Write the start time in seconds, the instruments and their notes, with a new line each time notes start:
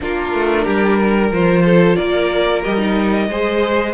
0.00 cello A#3, viola D4, violin F4 A#4
0.33 cello A3
0.64 cello G3, violin G4
0.97 violin A#4
1.30 cello F3, viola F4, violin C5
1.64 violin A4
1.96 cello A#3, violin A#4 D5
2.63 cello G3, viola G4, violin D#5
2.78 viola D#4
3.28 cello G#3, viola G#4, violin C5